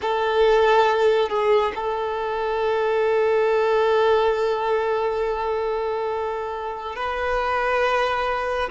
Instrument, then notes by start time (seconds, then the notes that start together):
violin
0.01 A4
1.28 G#4
1.75 A4
6.95 B4